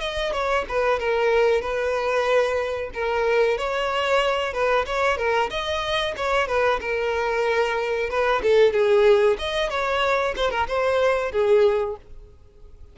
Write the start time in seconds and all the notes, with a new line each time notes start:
0.00 D#5
0.32 C#5
0.68 B4
0.99 A#4
1.61 B4
2.94 A#4
3.57 C#5
4.53 B4
4.86 C#5
5.17 A#4
5.50 D#5
6.16 C#5
6.47 B4
6.80 A#4
8.09 B4
8.42 A4
8.72 G#4
9.38 D#5
9.70 C#5
10.36 C5
10.50 A#4
10.68 C5
11.32 G#4